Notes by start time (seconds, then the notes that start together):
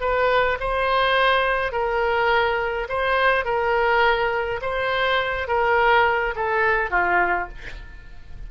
0.00 B4
0.60 C5
1.72 A#4
2.88 C5
3.45 A#4
4.62 C5
5.47 A#4
6.35 A4
6.90 F4